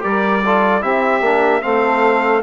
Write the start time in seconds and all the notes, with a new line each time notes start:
0.00 G3 G4 A#4 D5
0.43 F4 A4
0.81 C4 E4 G4 E5
1.21 A#3 D4
1.62 A3 C4 A4 F5